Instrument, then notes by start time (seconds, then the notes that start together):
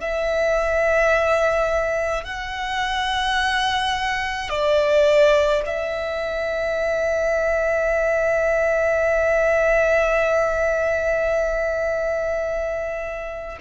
violin
0.00 E5
2.24 F#5
4.49 D5
5.66 E5